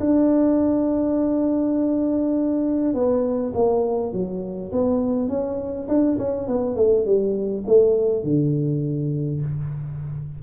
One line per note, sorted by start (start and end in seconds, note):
0.00 2.94 D4
2.94 3.53 B3
3.54 4.13 A#3
4.13 4.71 F#3
4.72 5.29 B3
5.29 5.87 C#4
5.89 6.18 D4
6.18 6.48 C#4
6.48 6.76 B3
6.76 7.05 A3
7.05 7.64 G3
7.67 8.24 A3
8.24 9.41 D3